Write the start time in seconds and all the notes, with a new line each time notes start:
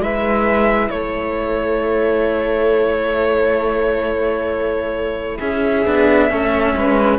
0.00 G#3 E4 B4 E5
0.90 A3 A4 C#5
5.40 C#4 G#4 E5
5.86 B3 D4
6.30 A3 C#4 A4
6.77 G#3 B4